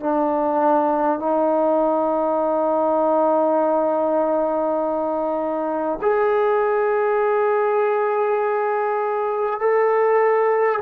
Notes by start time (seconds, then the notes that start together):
0.00 D4
1.19 D#4
6.01 G#4
9.60 A4